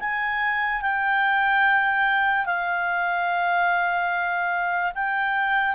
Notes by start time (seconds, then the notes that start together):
0.00 G#5
0.82 G5
2.46 F5
4.95 G5